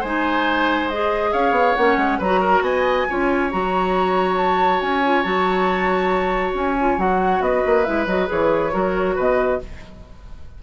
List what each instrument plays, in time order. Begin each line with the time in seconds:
0.00 bassoon G#3, clarinet D#4, oboe C5, flute G#5
0.89 clarinet G#4, flute D#5
1.33 bassoon C#4, oboe C#5, flute F5
1.51 bassoon B3
1.75 bassoon A#3, clarinet C#4, flute F#5
1.97 bassoon G#3
2.19 bassoon F#3, oboe B4, flute A#5
2.25 clarinet F#4
2.41 oboe A#4
2.61 bassoon B3, oboe D#5, flute G#5
3.09 bassoon C#4, clarinet F4, oboe C#5
3.50 bassoon F#3, clarinet F#4, flute A#5
4.37 flute A5
4.81 bassoon C#4, flute G#5
5.05 clarinet F4
5.23 bassoon F#3, clarinet F#4, flute A5
6.54 bassoon C#4, flute G#5
6.80 clarinet F4
6.98 bassoon F#3, clarinet F#4, flute F#5
7.40 bassoon B3, oboe B4, flute D#5
7.66 bassoon A#3
7.84 bassoon G#3, clarinet E4, flute E5
8.07 bassoon F#3, clarinet F#4, flute D#5
8.27 bassoon E3, clarinet G#4, flute C#5
8.72 bassoon F#3, clarinet F#4, oboe A#4
9.15 bassoon B2, oboe B4, flute D#5